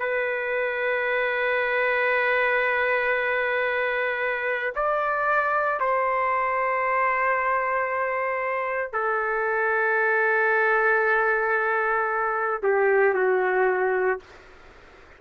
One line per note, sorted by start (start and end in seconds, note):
0.00 4.74 B4
4.76 5.80 D5
5.80 8.93 C5
8.93 12.61 A4
12.63 13.14 G4
13.14 14.20 F#4